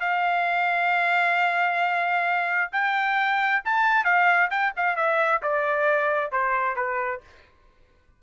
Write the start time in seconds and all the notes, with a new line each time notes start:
0.00 F5
2.72 G5
3.65 A5
4.04 F5
4.50 G5
4.77 F5
4.96 E5
5.42 D5
6.32 C5
6.76 B4